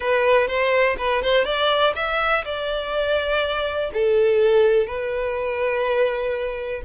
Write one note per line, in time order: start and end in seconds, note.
0.00 0.47 B4
0.47 0.96 C5
0.98 1.22 B4
1.22 1.44 C5
1.44 1.93 D5
1.95 2.44 E5
2.44 3.90 D5
3.93 4.86 A4
4.86 6.82 B4